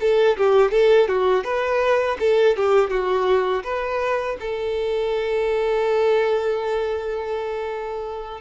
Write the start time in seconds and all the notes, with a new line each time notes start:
0.00 A4
0.37 G4
0.71 A4
1.08 F#4
1.44 B4
2.20 A4
2.56 G4
2.90 F#4
3.63 B4
4.40 A4